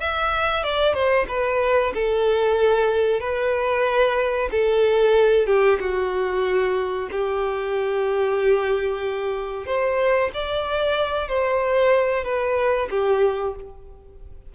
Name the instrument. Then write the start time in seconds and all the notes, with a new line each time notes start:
violin
0.00 E5
0.64 D5
0.94 C5
1.29 B4
1.95 A4
3.21 B4
4.52 A4
5.47 G4
5.80 F#4
7.12 G4
9.66 C5
10.34 D5
11.28 C5
12.24 B4
12.91 G4